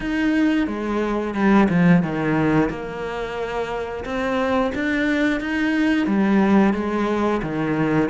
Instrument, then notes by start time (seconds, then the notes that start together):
cello
0.00 D#4
0.67 G#3
1.34 G3
1.69 F3
2.03 D#3
2.69 A#3
4.04 C4
4.74 D4
5.40 D#4
6.06 G3
6.73 G#3
7.42 D#3